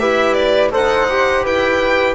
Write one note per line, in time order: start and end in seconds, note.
0.00 0.72 E4
0.00 0.72 G4
0.00 0.72 B4
0.00 0.34 E5
0.34 0.70 D5
0.72 1.45 D#4
0.72 1.08 A4
0.72 1.44 C5
0.72 1.46 F#5
1.10 2.15 G4
1.44 2.15 E4
1.44 2.15 B4
1.44 2.15 G5